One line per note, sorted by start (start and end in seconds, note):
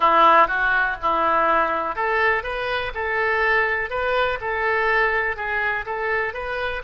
0.00 0.47 E4
0.47 0.96 F#4
1.01 1.95 E4
1.95 2.43 A4
2.43 2.91 B4
2.94 3.90 A4
3.90 4.38 B4
4.40 5.36 A4
5.36 5.85 G#4
5.85 6.33 A4
6.33 6.82 B4